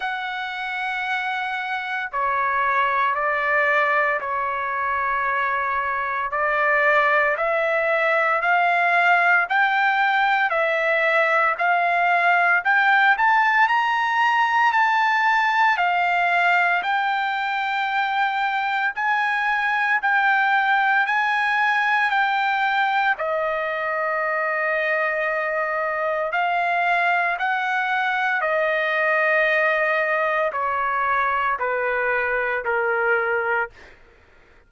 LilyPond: \new Staff \with { instrumentName = "trumpet" } { \time 4/4 \tempo 4 = 57 fis''2 cis''4 d''4 | cis''2 d''4 e''4 | f''4 g''4 e''4 f''4 | g''8 a''8 ais''4 a''4 f''4 |
g''2 gis''4 g''4 | gis''4 g''4 dis''2~ | dis''4 f''4 fis''4 dis''4~ | dis''4 cis''4 b'4 ais'4 | }